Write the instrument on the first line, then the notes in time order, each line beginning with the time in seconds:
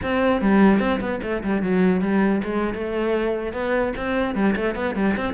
cello
0.02 C4
0.41 G3
0.79 C4
1.00 B3
1.22 A3
1.43 G3
1.62 F#3
2.01 G3
2.44 G#3
2.74 A3
3.52 B3
3.96 C4
4.35 G3
4.56 A3
4.75 B3
4.95 G3
5.16 C4